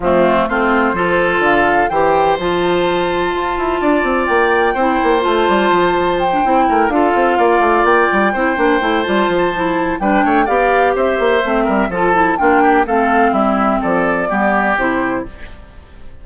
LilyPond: <<
  \new Staff \with { instrumentName = "flute" } { \time 4/4 \tempo 4 = 126 f'4 c''2 f''4 | g''4 a''2.~ | a''4 g''2 a''4~ | a''4 g''4. f''4.~ |
f''8 g''2~ g''8 a''4~ | a''4 g''4 f''4 e''4~ | e''4 a''4 g''4 f''4 | e''4 d''2 c''4 | }
  \new Staff \with { instrumentName = "oboe" } { \time 4/4 c'4 f'4 a'2 | c''1 | d''2 c''2~ | c''2 ais'8 a'4 d''8~ |
d''4. c''2~ c''8~ | c''4 b'8 cis''8 d''4 c''4~ | c''8 ais'8 a'4 f'8 g'8 a'4 | e'4 a'4 g'2 | }
  \new Staff \with { instrumentName = "clarinet" } { \time 4/4 a4 c'4 f'2 | g'4 f'2.~ | f'2 e'4 f'4~ | f'4~ f'16 d'16 e'4 f'4.~ |
f'4. e'8 d'8 e'8 f'4 | e'4 d'4 g'2 | c'4 f'8 e'8 d'4 c'4~ | c'2 b4 e'4 | }
  \new Staff \with { instrumentName = "bassoon" } { \time 4/4 f4 a4 f4 d4 | e4 f2 f'8 e'8 | d'8 c'8 ais4 c'8 ais8 a8 g8 | f4. c'8 a8 d'8 c'8 ais8 |
a8 ais8 g8 c'8 ais8 a8 g8 f8~ | f4 g8 a8 b4 c'8 ais8 | a8 g8 f4 ais4 a4 | g4 f4 g4 c4 | }
>>